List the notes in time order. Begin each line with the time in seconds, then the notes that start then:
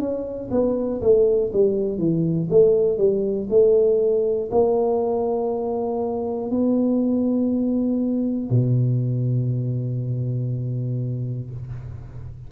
0.00 C#4
0.51 B3
1.02 A3
1.54 G3
1.99 E3
2.51 A3
2.98 G3
3.50 A3
4.52 A#3
6.51 B3
8.50 B2